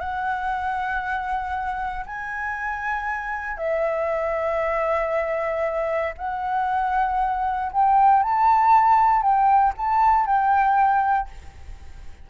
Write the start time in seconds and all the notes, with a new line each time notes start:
0.00 F#5
2.06 G#5
3.57 E5
6.18 F#5
7.72 G5
8.23 A5
9.22 G5
9.77 A5
10.26 G5